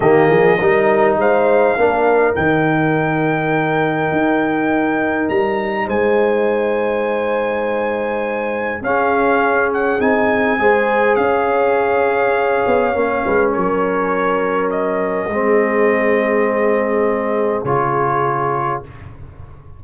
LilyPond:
<<
  \new Staff \with { instrumentName = "trumpet" } { \time 4/4 \tempo 4 = 102 dis''2 f''2 | g''1~ | g''4 ais''4 gis''2~ | gis''2. f''4~ |
f''8 fis''8 gis''2 f''4~ | f''2. cis''4~ | cis''4 dis''2.~ | dis''2 cis''2 | }
  \new Staff \with { instrumentName = "horn" } { \time 4/4 g'8 gis'8 ais'4 c''4 ais'4~ | ais'1~ | ais'2 c''2~ | c''2. gis'4~ |
gis'2 c''4 cis''4~ | cis''2~ cis''8 b'8 ais'4~ | ais'2 gis'2~ | gis'1 | }
  \new Staff \with { instrumentName = "trombone" } { \time 4/4 ais4 dis'2 d'4 | dis'1~ | dis'1~ | dis'2. cis'4~ |
cis'4 dis'4 gis'2~ | gis'2 cis'2~ | cis'2 c'2~ | c'2 f'2 | }
  \new Staff \with { instrumentName = "tuba" } { \time 4/4 dis8 f8 g4 gis4 ais4 | dis2. dis'4~ | dis'4 g4 gis2~ | gis2. cis'4~ |
cis'4 c'4 gis4 cis'4~ | cis'4. b8 ais8 gis8 fis4~ | fis2 gis2~ | gis2 cis2 | }
>>